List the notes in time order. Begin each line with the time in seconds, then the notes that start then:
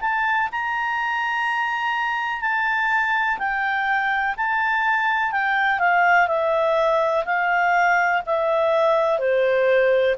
0.00 A5
0.51 A#5
2.41 A5
3.38 G5
4.37 A5
5.32 G5
5.79 F5
6.27 E5
7.25 F5
8.26 E5
9.19 C5